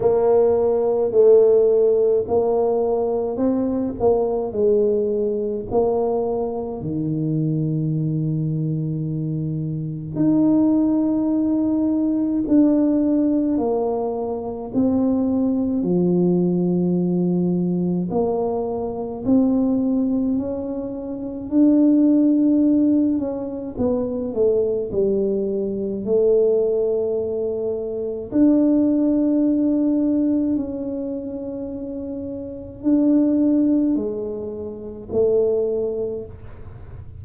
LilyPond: \new Staff \with { instrumentName = "tuba" } { \time 4/4 \tempo 4 = 53 ais4 a4 ais4 c'8 ais8 | gis4 ais4 dis2~ | dis4 dis'2 d'4 | ais4 c'4 f2 |
ais4 c'4 cis'4 d'4~ | d'8 cis'8 b8 a8 g4 a4~ | a4 d'2 cis'4~ | cis'4 d'4 gis4 a4 | }